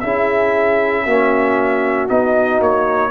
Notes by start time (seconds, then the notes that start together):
0.00 C#4 E4 G#4 E5
1.04 A#3 C#4 F#4
2.08 B3 D#4 D#5
2.60 A#3 C#5